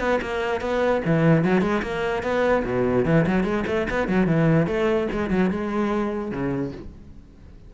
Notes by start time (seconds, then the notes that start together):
0.00 B3
0.22 A#3
0.61 B3
1.05 E3
1.45 F#3
1.62 G#3
1.83 A#3
2.23 B3
2.65 B2
3.06 E3
3.27 F#3
3.44 G#3
3.67 A3
3.91 B3
4.08 F#3
4.27 E3
4.67 A3
5.12 G#3
5.30 F#3
5.51 G#3
6.32 C#3